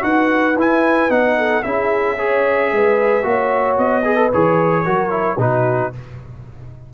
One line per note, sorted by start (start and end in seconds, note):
0.00 0.56 D#4
0.00 0.54 F#4
0.00 1.37 B4
0.00 0.56 F#5
0.56 1.09 E4
0.56 1.10 E4
0.56 1.11 G#5
1.09 1.63 B3
1.09 1.63 D#4
1.09 1.63 F#5
1.37 1.64 A4
1.63 2.72 C#4
1.63 2.17 E4
1.63 2.16 G#4
1.63 3.77 E5
2.16 3.23 G#4
2.16 2.70 C#5
2.72 3.24 G#3
2.72 3.27 B4
3.23 3.77 A#3
3.23 4.03 F#4
3.23 4.04 C#5
3.78 4.31 B3
3.78 4.31 D#5
4.04 4.16 G#4
4.04 4.84 B4
4.16 4.29 A4
4.33 4.87 E3
4.33 4.85 G#4
4.33 5.40 C#5
4.84 5.37 F#3
4.84 5.10 F#4
4.84 5.37 A#4
5.10 5.36 E4
5.37 5.91 B2
5.37 5.92 D#4
5.37 5.93 F#4
5.37 5.93 B4